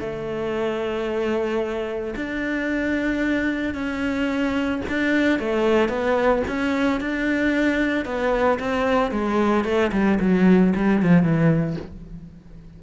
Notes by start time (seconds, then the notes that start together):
0.00 A3
2.16 D4
3.75 C#4
4.89 D4
5.39 A3
5.89 B3
6.47 C#4
7.01 D4
8.05 B3
8.59 C4
9.11 G#3
9.65 A3
9.92 G3
10.20 F#3
10.76 G3
11.02 F3
11.23 E3